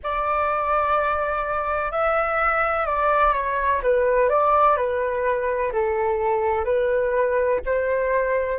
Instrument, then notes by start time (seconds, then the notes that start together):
flute
0.03 D5
1.91 E5
2.86 D5
3.33 C#5
3.82 B4
4.29 D5
4.76 B4
5.72 A4
6.65 B4
7.65 C5